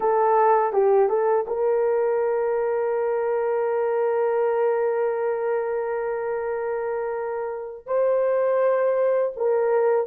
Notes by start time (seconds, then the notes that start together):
0.00 A4
0.73 G4
1.09 A4
1.47 A#4
7.86 C5
9.36 A#4